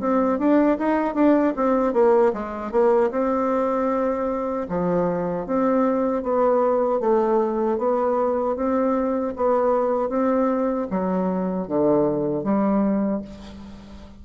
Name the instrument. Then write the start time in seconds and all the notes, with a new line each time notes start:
bassoon
0.00 C4
0.39 D4
0.78 D#4
1.14 D4
1.56 C4
1.93 A#3
2.33 G#3
2.72 A#3
3.11 C4
4.69 F3
5.47 C4
6.23 B3
7.00 A3
7.78 B3
8.56 C4
9.36 B3
10.09 C4
10.90 F#3
11.68 D3
12.44 G3